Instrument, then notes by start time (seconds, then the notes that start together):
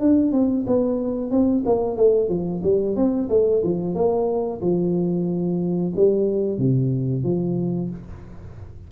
tuba
0.00 D4
0.32 C4
0.67 B3
1.31 C4
1.65 A#3
1.97 A3
2.29 F3
2.63 G3
2.96 C4
3.29 A3
3.63 F3
3.95 A#3
4.61 F3
5.96 G3
6.58 C3
7.23 F3